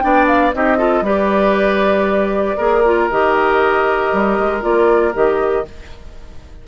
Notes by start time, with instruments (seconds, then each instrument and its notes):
0.00 bassoon B3, clarinet D4, oboe D5, flute G5
0.27 flute F5
0.53 bassoon C4, clarinet D#4, oboe G4, flute D#5
0.77 clarinet F4, oboe A4
1.01 bassoon G3, clarinet G4, oboe B4, flute D5
2.57 bassoon A#3, clarinet G#4, oboe A#4
2.84 clarinet F4
3.09 bassoon D#3, clarinet G4, flute D#5
4.12 bassoon G3
4.39 bassoon G#3
4.61 bassoon A#3, clarinet F4, flute D5
5.13 bassoon D#3, clarinet G4, flute D#5